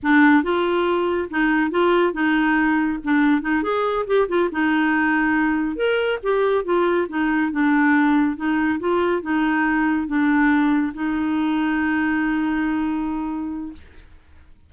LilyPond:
\new Staff \with { instrumentName = "clarinet" } { \time 4/4 \tempo 4 = 140 d'4 f'2 dis'4 | f'4 dis'2 d'4 | dis'8 gis'4 g'8 f'8 dis'4.~ | dis'4. ais'4 g'4 f'8~ |
f'8 dis'4 d'2 dis'8~ | dis'8 f'4 dis'2 d'8~ | d'4. dis'2~ dis'8~ | dis'1 | }